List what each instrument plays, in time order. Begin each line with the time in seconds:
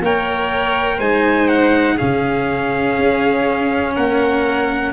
0.00 tuba A#3, cello A#4, violin C#5, trumpet G5
0.97 tuba G#3, cello D#4, violin C5, trumpet G#5
1.48 trumpet F#5
1.95 tuba C#3, cello C#4, violin G#4, trumpet F5
2.98 tuba C#4
3.95 tuba A#3, violin A#4, trumpet F#5